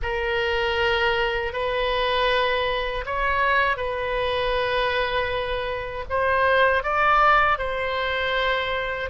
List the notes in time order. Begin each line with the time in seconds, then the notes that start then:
0.02 A#4
1.53 B4
3.05 C#5
3.77 B4
6.09 C5
6.83 D5
7.58 C5